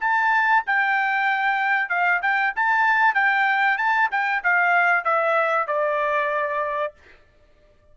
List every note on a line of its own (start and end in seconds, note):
0.00 0.63 A5
0.66 1.89 G5
1.89 2.20 F5
2.21 2.53 G5
2.55 3.14 A5
3.14 3.77 G5
3.77 4.09 A5
4.11 4.42 G5
4.43 5.04 F5
5.04 5.67 E5
5.67 6.93 D5